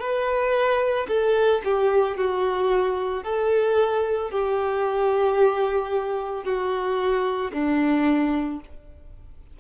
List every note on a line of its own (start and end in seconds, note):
0.00 1.07 B4
1.08 1.62 A4
1.65 2.17 G4
2.17 3.23 F#4
3.23 4.31 A4
4.31 6.44 G4
6.44 7.51 F#4
7.53 8.60 D4